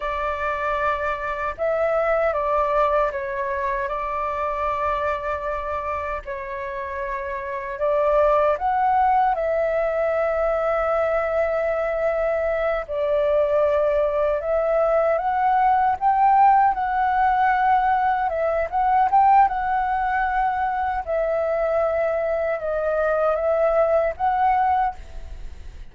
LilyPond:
\new Staff \with { instrumentName = "flute" } { \time 4/4 \tempo 4 = 77 d''2 e''4 d''4 | cis''4 d''2. | cis''2 d''4 fis''4 | e''1~ |
e''8 d''2 e''4 fis''8~ | fis''8 g''4 fis''2 e''8 | fis''8 g''8 fis''2 e''4~ | e''4 dis''4 e''4 fis''4 | }